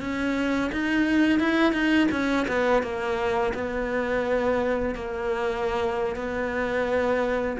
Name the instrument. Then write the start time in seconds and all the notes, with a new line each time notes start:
cello
0.00 C#4
0.72 D#4
1.39 E4
1.72 D#4
2.11 C#4
2.47 B3
2.82 A#3
3.54 B3
4.95 A#3
6.15 B3